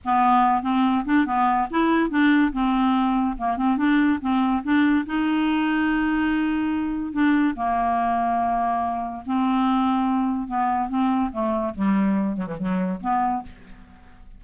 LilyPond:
\new Staff \with { instrumentName = "clarinet" } { \time 4/4 \tempo 4 = 143 b4. c'4 d'8 b4 | e'4 d'4 c'2 | ais8 c'8 d'4 c'4 d'4 | dis'1~ |
dis'4 d'4 ais2~ | ais2 c'2~ | c'4 b4 c'4 a4 | g4. fis16 e16 fis4 b4 | }